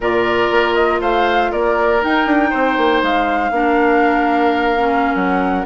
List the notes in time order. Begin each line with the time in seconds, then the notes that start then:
0.00 A#2 F4 A#4 D5
0.51 A#3
0.74 D#5
1.00 A3 C5 F5
1.51 A#3 A#4 D5
2.01 D#4 G5
2.25 D4
2.50 C4 C5
2.77 A#3
3.02 G#3 F5
3.50 A#3 D4 A#4
4.78 C#4
5.15 F#3 F#5